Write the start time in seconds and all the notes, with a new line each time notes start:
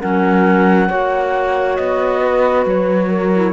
0.00 F#3 C#4 A#4 F#5
0.87 A#3 F#4 C#5
1.76 B3 D#5
2.20 B4
2.65 F#3 C#5
3.09 A#4
3.35 E4